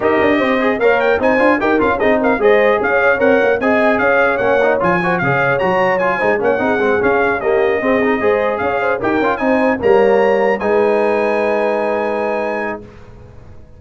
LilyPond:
<<
  \new Staff \with { instrumentName = "trumpet" } { \time 4/4 \tempo 4 = 150 dis''2 f''8 g''8 gis''4 | g''8 f''8 dis''8 f''8 dis''4 f''4 | fis''4 gis''4 f''4 fis''4 | gis''4 f''4 ais''4 gis''4 |
fis''4. f''4 dis''4.~ | dis''4. f''4 g''4 gis''8~ | gis''8 ais''2 gis''4.~ | gis''1 | }
  \new Staff \with { instrumentName = "horn" } { \time 4/4 ais'4 c''4 cis''4 c''4 | ais'4 gis'8 ais'8 c''4 cis''4~ | cis''4 dis''4 cis''2~ | cis''8 c''8 cis''2~ cis''8 c''8 |
cis''8 gis'2 g'4 gis'8~ | gis'8 c''4 cis''8 c''8 ais'4 c''8~ | c''8 cis''2 b'4.~ | b'1 | }
  \new Staff \with { instrumentName = "trombone" } { \time 4/4 g'4. gis'8 ais'4 dis'8 f'8 | g'8 f'8 dis'4 gis'2 | ais'4 gis'2 cis'8 dis'8 | f'8 fis'8 gis'4 fis'4 f'8 dis'8 |
cis'8 dis'8 c'8 cis'4 ais4 c'8 | dis'8 gis'2 g'8 f'8 dis'8~ | dis'8 ais2 dis'4.~ | dis'1 | }
  \new Staff \with { instrumentName = "tuba" } { \time 4/4 dis'8 d'8 c'4 ais4 c'8 d'8 | dis'8 cis'8 c'4 gis4 cis'4 | c'8 ais8 c'4 cis'4 ais4 | f4 cis4 fis4. gis8 |
ais8 c'8 gis8 cis'2 c'8~ | c'8 gis4 cis'4 dis'8 cis'8 c'8~ | c'8 g2 gis4.~ | gis1 | }
>>